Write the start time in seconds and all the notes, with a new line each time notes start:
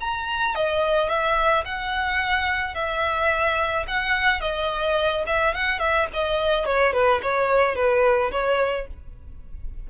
0.00 A#5
0.55 D#5
1.09 E5
1.65 F#5
2.74 E5
3.87 F#5
4.41 D#5
5.27 E5
5.54 F#5
5.79 E5
6.13 D#5
6.65 C#5
6.93 B4
7.22 C#5
7.75 B4
8.31 C#5